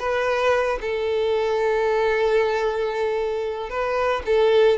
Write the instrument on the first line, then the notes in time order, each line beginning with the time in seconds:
violin
0.00 B4
0.82 A4
3.71 B4
4.26 A4